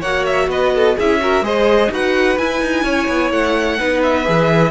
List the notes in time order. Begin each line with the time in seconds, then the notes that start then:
0.00 A#3 F#4 C#5 F#5
0.26 E5
0.48 B3 B4 D#5
0.75 A4
0.97 C#4 E4 G#4 E5
1.20 F#4 A#4
1.42 G#3 G#4 C5 D#5
1.91 D#4 F#4 B4 F#5
2.38 E4 G#5
2.62 D#4
2.84 C#4 C#5
3.08 B3
3.31 A3 F#5
3.79 B3 D#4 B4
4.03 E5
4.25 E3 G#4